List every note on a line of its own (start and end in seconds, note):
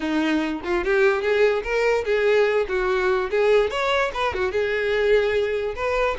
0.00 0.61 D#4
0.64 0.84 F4
0.84 1.21 G4
1.21 1.63 G#4
1.63 2.04 A#4
2.04 2.66 G#4
2.68 3.30 F#4
3.30 3.70 G#4
3.70 4.11 C#5
4.14 4.34 B4
4.34 4.51 F#4
4.51 5.75 G#4
5.75 6.16 B4